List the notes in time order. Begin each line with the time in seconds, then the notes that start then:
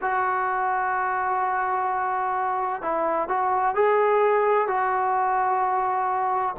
0.01 F#4
2.81 E4
3.28 F#4
3.74 G#4
4.67 F#4